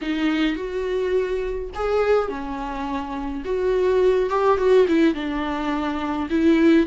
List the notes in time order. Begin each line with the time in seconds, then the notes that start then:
0.01 D#4
0.56 F#4
1.75 G#4
2.29 C#4
3.44 F#4
4.29 G4
4.57 F#4
4.88 E4
5.14 D4
6.30 E4